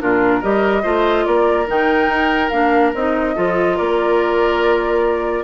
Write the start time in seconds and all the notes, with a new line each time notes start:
0.00 A#2 D4 F4 A#4
0.40 G3 G4 A#4 D#5
0.82 A3 F4 C5
1.25 A#3 A#4 D5
1.66 D#3 D#4 G5
2.08 D#4
2.49 A#3 D4 F5
2.94 C4 D#4 D#5
3.35 F3 F4 A4
3.76 A#3 A#4 D5